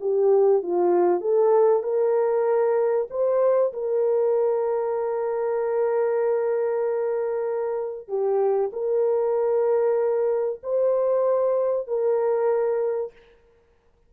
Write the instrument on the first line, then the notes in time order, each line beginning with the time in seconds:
horn
0.00 G4
0.62 F4
1.20 A4
1.83 A#4
3.10 C5
3.72 A#4
8.08 G4
8.72 A#4
10.63 C5
11.87 A#4